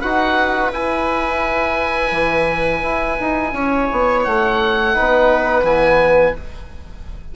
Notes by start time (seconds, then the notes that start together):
0.00 D#4 F#4 B4 F#5
0.72 E4 G#5
2.12 E3
2.83 E4
3.20 D#4
3.53 C#4 C#5
3.92 B3
4.24 A3 F#5
4.93 B3 D#4 B4
5.63 E3 B3 G#5